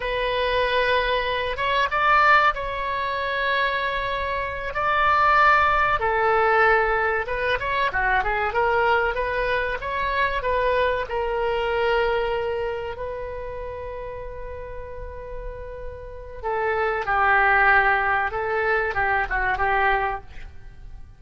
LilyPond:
\new Staff \with { instrumentName = "oboe" } { \time 4/4 \tempo 4 = 95 b'2~ b'8 cis''8 d''4 | cis''2.~ cis''8 d''8~ | d''4. a'2 b'8 | cis''8 fis'8 gis'8 ais'4 b'4 cis''8~ |
cis''8 b'4 ais'2~ ais'8~ | ais'8 b'2.~ b'8~ | b'2 a'4 g'4~ | g'4 a'4 g'8 fis'8 g'4 | }